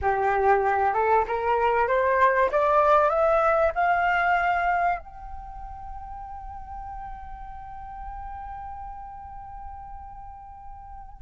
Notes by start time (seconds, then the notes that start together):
0.01 G4
0.93 A4
1.27 A#4
1.87 C5
2.51 D5
3.09 E5
3.74 F5
4.99 G5